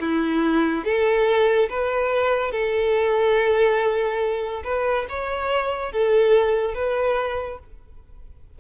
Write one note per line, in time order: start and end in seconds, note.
0.00 0.84 E4
0.84 1.69 A4
1.69 2.51 B4
2.51 4.63 A4
4.64 5.06 B4
5.09 5.92 C#5
5.92 6.74 A4
6.74 7.59 B4